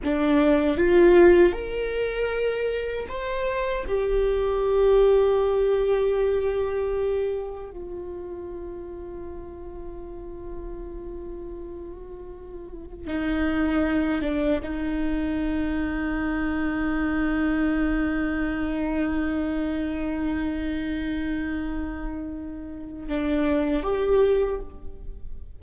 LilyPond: \new Staff \with { instrumentName = "viola" } { \time 4/4 \tempo 4 = 78 d'4 f'4 ais'2 | c''4 g'2.~ | g'2 f'2~ | f'1~ |
f'4 dis'4. d'8 dis'4~ | dis'1~ | dis'1~ | dis'2 d'4 g'4 | }